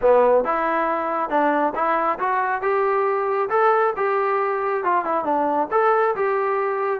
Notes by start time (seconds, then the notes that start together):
0.01 B3
0.44 E4
1.29 D4
1.75 E4
2.19 F#4
2.61 G4
3.49 A4
3.96 G4
4.84 F4
5.05 E4
5.24 D4
5.71 A4
6.15 G4